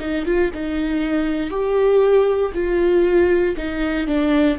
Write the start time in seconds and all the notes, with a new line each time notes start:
0.00 D#4
0.25 F4
0.54 D#4
1.50 G4
2.54 F4
3.57 D#4
4.07 D4